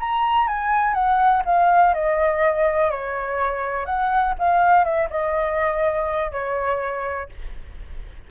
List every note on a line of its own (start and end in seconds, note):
0.00 0.48 A#5
0.48 0.94 G#5
0.94 1.43 F#5
1.45 1.94 F5
1.94 2.91 D#5
2.91 3.86 C#5
3.86 4.35 F#5
4.39 4.84 F5
4.84 5.09 E5
5.10 6.32 D#5
6.32 7.29 C#5